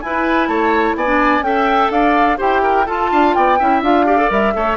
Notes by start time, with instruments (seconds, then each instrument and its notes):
0.00 bassoon E4, clarinet E4, oboe B4, flute G#5
0.47 bassoon A3, oboe C#5, flute A5
0.95 bassoon B3, oboe D5, flute G#5
1.05 clarinet D4
1.40 bassoon C#4, clarinet A4, oboe E5, flute G5
1.90 bassoon D4, oboe D5, flute F5
2.37 bassoon E4, clarinet G4, oboe C5, flute G5
2.62 oboe A#4
2.86 clarinet F4, bassoon F4, oboe A4, flute A5
3.11 bassoon D4, oboe F5
3.34 bassoon B3, oboe D5, flute G5
3.58 bassoon C#4, clarinet E4, oboe E5
3.81 bassoon D4, clarinet F4, flute F5
4.06 clarinet G4, oboe D5
4.17 clarinet A4
4.29 bassoon G3, clarinet A#4, flute E5
4.53 bassoon A3, clarinet A4, oboe C#5